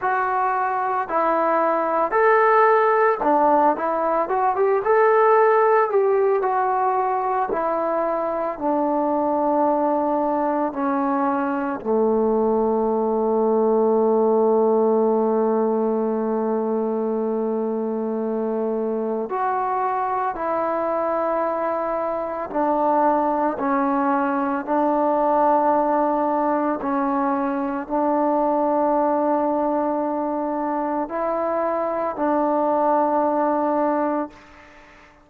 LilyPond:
\new Staff \with { instrumentName = "trombone" } { \time 4/4 \tempo 4 = 56 fis'4 e'4 a'4 d'8 e'8 | fis'16 g'16 a'4 g'8 fis'4 e'4 | d'2 cis'4 a4~ | a1~ |
a2 fis'4 e'4~ | e'4 d'4 cis'4 d'4~ | d'4 cis'4 d'2~ | d'4 e'4 d'2 | }